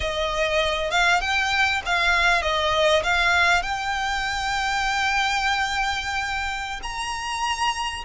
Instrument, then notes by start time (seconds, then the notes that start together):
violin
0.00 D#5
0.90 F5
1.20 G5
1.85 F5
2.42 D#5
3.03 F5
3.62 G5
6.82 A#5